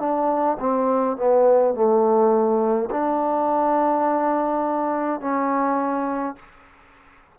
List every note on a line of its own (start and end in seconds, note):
0.00 0.58 D4
0.60 1.17 C4
1.17 1.75 B3
1.75 2.90 A3
2.91 5.21 D4
5.21 6.36 C#4